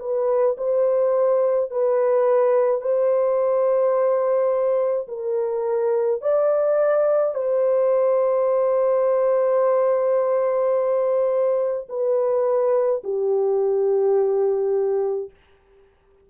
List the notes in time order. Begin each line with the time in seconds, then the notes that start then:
0.00 B4
0.58 C5
1.71 B4
2.81 C5
5.08 A#4
6.22 D5
7.35 C5
11.89 B4
13.04 G4